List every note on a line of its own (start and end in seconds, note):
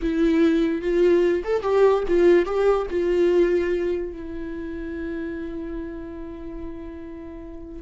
0.01 0.81 E4
0.81 1.43 F4
1.44 1.62 A4
1.62 2.03 G4
2.08 2.45 F4
2.45 2.86 G4
2.90 4.12 F4
4.12 7.82 E4